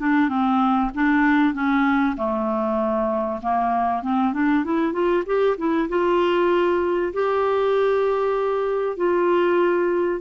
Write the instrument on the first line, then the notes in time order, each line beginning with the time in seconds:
clarinet
0.00 D4
0.29 C4
0.95 D4
1.54 C#4
2.17 A3
3.42 A#3
4.03 C4
4.34 D4
4.65 E4
4.93 F4
5.27 G4
5.58 E4
5.90 F4
7.14 G4
8.97 F4